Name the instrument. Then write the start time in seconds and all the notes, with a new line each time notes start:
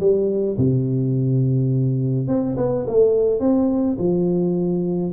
tuba
0.00 G3
0.58 C3
2.28 C4
2.57 B3
2.87 A3
3.41 C4
3.99 F3